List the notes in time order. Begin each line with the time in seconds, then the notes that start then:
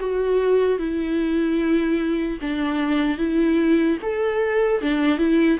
0.00 F#4
0.79 E4
2.41 D4
3.18 E4
4.02 A4
4.81 D4
5.18 E4